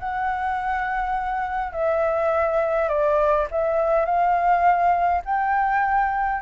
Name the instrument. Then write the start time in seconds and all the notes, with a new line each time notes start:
flute
0.00 F#5
1.73 E5
2.89 D5
3.51 E5
4.06 F5
5.26 G5